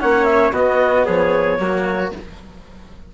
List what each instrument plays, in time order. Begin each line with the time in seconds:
0.00 bassoon A#3, cello C#4, trumpet C#5, clarinet F#5
0.25 clarinet E5
0.52 bassoon B3, cello B3, trumpet F#4, clarinet D#5
1.06 bassoon F3, trumpet G#4, clarinet C#5
1.59 bassoon F#3, cello A#3, trumpet F#4